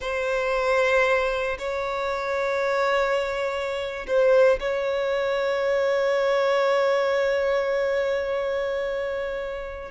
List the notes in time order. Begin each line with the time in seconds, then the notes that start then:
0.00 C5
1.58 C#5
4.07 C5
4.60 C#5